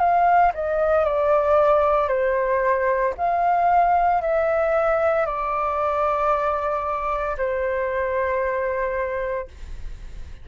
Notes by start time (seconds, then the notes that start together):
0.00 F5
0.55 D#5
1.05 D5
2.09 C5
3.18 F5
4.22 E5
5.26 D5
7.38 C5